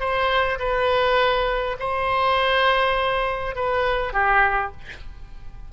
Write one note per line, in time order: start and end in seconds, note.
0.00 0.59 C5
0.60 1.77 B4
1.80 3.56 C5
3.56 4.13 B4
4.13 4.72 G4